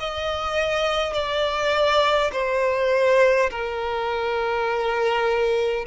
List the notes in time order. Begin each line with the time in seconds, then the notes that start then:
0.00 D#5
1.13 D5
2.33 C5
3.51 A#4